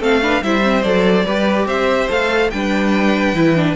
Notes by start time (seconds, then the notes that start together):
0.00 A3 C4 A4 F5
0.22 D4 B4
0.42 G3 E4 C5 E5
0.63 C4
0.83 F#3 A4 D5
1.25 G3 G4 B4
1.66 C4 C5 E5
2.09 A3 A4 F5
2.50 G3 D4 B4 G5
3.34 E3 E4
3.56 D4